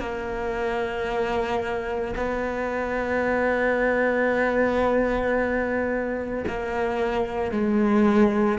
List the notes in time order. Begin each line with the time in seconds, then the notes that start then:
0.00 A#3
2.17 B3
6.48 A#3
7.52 G#3